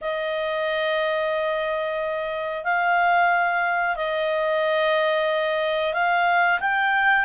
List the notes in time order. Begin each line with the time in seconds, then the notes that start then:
0.01 D#5
2.64 F5
3.96 D#5
5.93 F5
6.60 G5